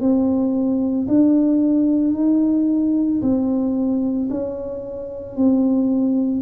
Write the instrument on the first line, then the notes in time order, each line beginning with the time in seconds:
tuba
0.00 C4
1.08 D4
2.14 D#4
3.21 C4
4.30 C#4
5.36 C4